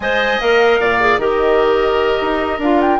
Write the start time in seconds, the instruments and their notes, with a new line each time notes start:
0.00 bassoon G#3, clarinet C5, oboe D#5, flute G#5
0.40 bassoon A#3, clarinet A#4, flute F5
0.79 bassoon A#2, oboe D5
1.00 clarinet G#4
1.17 bassoon D#3, clarinet G4, oboe A#4, flute D#5
2.21 bassoon D#4
2.58 bassoon D4, clarinet F4, flute F5
2.81 flute G5